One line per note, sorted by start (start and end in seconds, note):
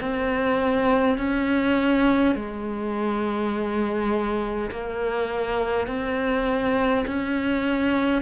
0.00 1.18 C4
1.18 2.35 C#4
2.35 4.71 G#3
4.71 5.87 A#3
5.87 7.05 C4
7.07 8.22 C#4